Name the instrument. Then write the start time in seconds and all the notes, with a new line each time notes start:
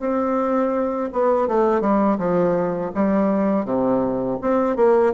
bassoon
0.00 C4
1.12 B3
1.48 A3
1.81 G3
2.18 F3
2.95 G3
3.65 C3
4.41 C4
4.76 A#3